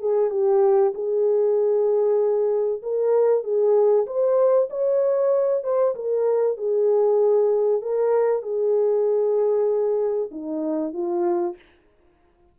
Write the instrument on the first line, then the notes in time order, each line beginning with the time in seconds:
horn
0.00 G#4
0.30 G4
0.95 G#4
2.83 A#4
3.44 G#4
4.07 C5
4.70 C#5
5.64 C5
5.95 A#4
6.57 G#4
7.82 A#4
8.42 G#4
10.31 D#4
10.93 F4